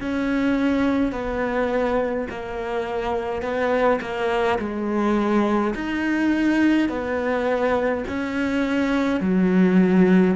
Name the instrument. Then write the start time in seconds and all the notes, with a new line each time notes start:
cello
0.00 C#4
1.12 B3
2.30 A#3
3.41 B3
4.01 A#3
4.58 G#3
5.74 D#4
6.89 B3
8.07 C#4
9.20 F#3